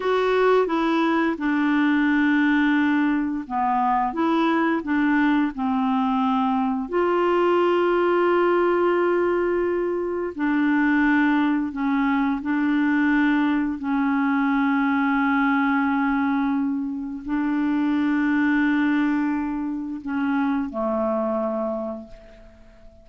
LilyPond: \new Staff \with { instrumentName = "clarinet" } { \time 4/4 \tempo 4 = 87 fis'4 e'4 d'2~ | d'4 b4 e'4 d'4 | c'2 f'2~ | f'2. d'4~ |
d'4 cis'4 d'2 | cis'1~ | cis'4 d'2.~ | d'4 cis'4 a2 | }